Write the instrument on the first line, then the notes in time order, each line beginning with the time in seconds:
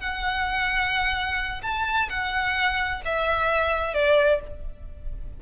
violin
0.00 F#5
1.63 A5
2.10 F#5
3.05 E5
3.94 D5